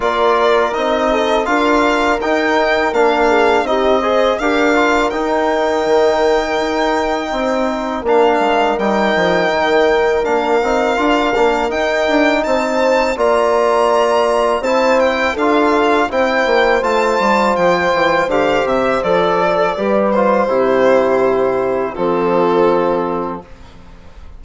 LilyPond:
<<
  \new Staff \with { instrumentName = "violin" } { \time 4/4 \tempo 4 = 82 d''4 dis''4 f''4 g''4 | f''4 dis''4 f''4 g''4~ | g''2. f''4 | g''2 f''2 |
g''4 a''4 ais''2 | a''8 g''8 f''4 g''4 a''4 | g''4 f''8 e''8 d''4. c''8~ | c''2 a'2 | }
  \new Staff \with { instrumentName = "horn" } { \time 4/4 ais'4. a'8 ais'2~ | ais'8 gis'8 g'8 c''8 ais'2~ | ais'2 c''4 ais'4~ | ais'1~ |
ais'4 c''4 d''2 | c''4 a'4 c''2~ | c''2~ c''8 a'8 b'4 | g'2 f'2 | }
  \new Staff \with { instrumentName = "trombone" } { \time 4/4 f'4 dis'4 f'4 dis'4 | d'4 dis'8 gis'8 g'8 f'8 dis'4~ | dis'2. d'4 | dis'2 d'8 dis'8 f'8 d'8 |
dis'2 f'2 | e'4 f'4 e'4 f'4~ | f'4 g'4 a'4 g'8 f'8 | e'2 c'2 | }
  \new Staff \with { instrumentName = "bassoon" } { \time 4/4 ais4 c'4 d'4 dis'4 | ais4 c'4 d'4 dis'4 | dis4 dis'4 c'4 ais8 gis8 | g8 f8 dis4 ais8 c'8 d'8 ais8 |
dis'8 d'8 c'4 ais2 | c'4 d'4 c'8 ais8 a8 g8 | f8 e8 d8 c8 f4 g4 | c2 f2 | }
>>